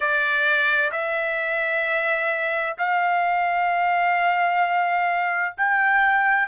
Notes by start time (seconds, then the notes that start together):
0.00 D5
0.91 E5
2.78 F5
5.57 G5